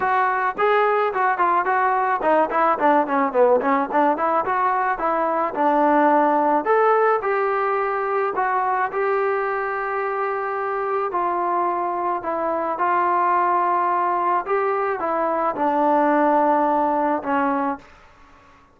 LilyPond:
\new Staff \with { instrumentName = "trombone" } { \time 4/4 \tempo 4 = 108 fis'4 gis'4 fis'8 f'8 fis'4 | dis'8 e'8 d'8 cis'8 b8 cis'8 d'8 e'8 | fis'4 e'4 d'2 | a'4 g'2 fis'4 |
g'1 | f'2 e'4 f'4~ | f'2 g'4 e'4 | d'2. cis'4 | }